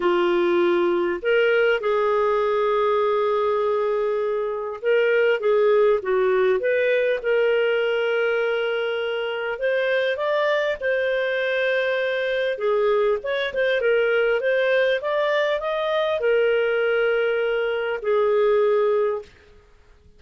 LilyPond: \new Staff \with { instrumentName = "clarinet" } { \time 4/4 \tempo 4 = 100 f'2 ais'4 gis'4~ | gis'1 | ais'4 gis'4 fis'4 b'4 | ais'1 |
c''4 d''4 c''2~ | c''4 gis'4 cis''8 c''8 ais'4 | c''4 d''4 dis''4 ais'4~ | ais'2 gis'2 | }